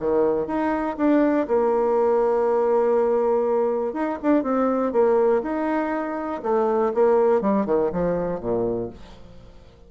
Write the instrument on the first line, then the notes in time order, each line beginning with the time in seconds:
bassoon
0.00 D#3
0.47 D#4
0.98 D4
1.48 A#3
3.94 D#4
4.23 D4
4.44 C4
4.93 A#3
5.43 D#4
6.43 A3
6.94 A#3
7.42 G3
7.66 D#3
7.93 F3
8.40 A#2